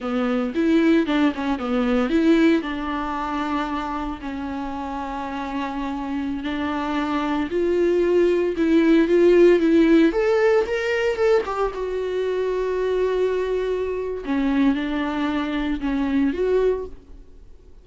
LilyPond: \new Staff \with { instrumentName = "viola" } { \time 4/4 \tempo 4 = 114 b4 e'4 d'8 cis'8 b4 | e'4 d'2. | cis'1~ | cis'16 d'2 f'4.~ f'16~ |
f'16 e'4 f'4 e'4 a'8.~ | a'16 ais'4 a'8 g'8 fis'4.~ fis'16~ | fis'2. cis'4 | d'2 cis'4 fis'4 | }